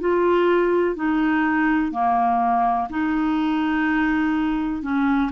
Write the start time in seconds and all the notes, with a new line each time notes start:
0.00 F4
0.95 D#4
1.91 A#3
2.89 D#4
4.82 C#4